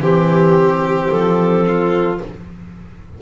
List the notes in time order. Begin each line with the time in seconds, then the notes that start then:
0.00 E3 C4 G4
1.09 F3 A4
1.67 F4